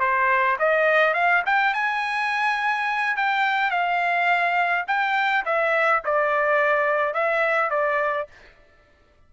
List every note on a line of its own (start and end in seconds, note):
0.00 0.57 C5
0.59 1.14 D#5
1.14 1.43 F5
1.46 1.74 G5
1.74 3.17 G#5
3.17 3.71 G5
3.71 4.85 F5
4.88 5.45 G5
5.46 6.03 E5
6.05 7.14 D5
7.14 7.70 E5
7.70 8.28 D5